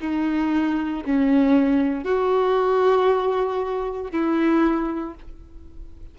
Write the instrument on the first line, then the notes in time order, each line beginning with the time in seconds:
violin
0.00 D#4
1.04 C#4
2.04 F#4
4.11 E4